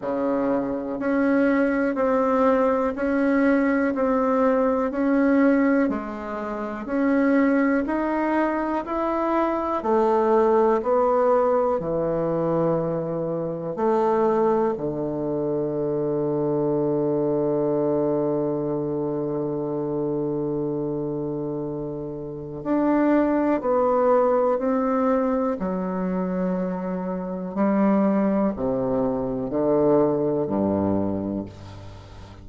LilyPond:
\new Staff \with { instrumentName = "bassoon" } { \time 4/4 \tempo 4 = 61 cis4 cis'4 c'4 cis'4 | c'4 cis'4 gis4 cis'4 | dis'4 e'4 a4 b4 | e2 a4 d4~ |
d1~ | d2. d'4 | b4 c'4 fis2 | g4 c4 d4 g,4 | }